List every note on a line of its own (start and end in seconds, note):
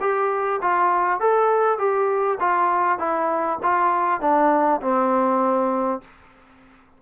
0.00 0.60 G4
0.61 1.19 F4
1.19 1.78 A4
1.78 2.38 G4
2.40 2.98 F4
2.98 3.58 E4
3.62 4.20 F4
4.20 4.80 D4
4.81 6.01 C4